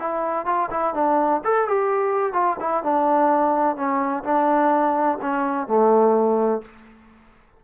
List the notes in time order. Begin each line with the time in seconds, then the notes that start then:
0.00 E4
0.46 F4
0.71 E4
0.95 D4
1.45 A4
1.68 G4
2.33 F4
2.60 E4
2.84 D4
3.77 C#4
4.24 D4
5.22 C#4
5.68 A3